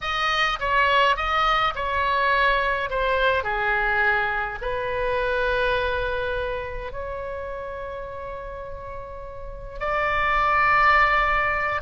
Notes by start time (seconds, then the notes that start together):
0.01 D#5
0.59 C#5
1.16 D#5
1.75 C#5
2.90 C5
3.43 G#4
4.61 B4
6.92 C#5
9.79 D5